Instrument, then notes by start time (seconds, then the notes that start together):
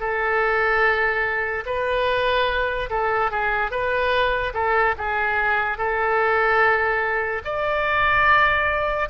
oboe
0.00 A4
1.66 B4
2.90 A4
3.31 G#4
3.71 B4
4.54 A4
4.98 G#4
5.78 A4
7.45 D5